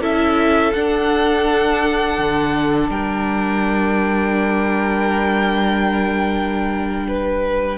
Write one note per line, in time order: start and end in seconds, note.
0.00 0.72 C#4
0.00 0.73 E4
0.00 2.90 A4
0.00 0.73 E5
0.73 2.18 D4
0.73 7.78 D4
0.73 2.90 F#5
2.18 2.89 D3
2.89 7.77 G3
2.89 7.06 A#4
2.89 7.78 G5
7.07 7.78 B4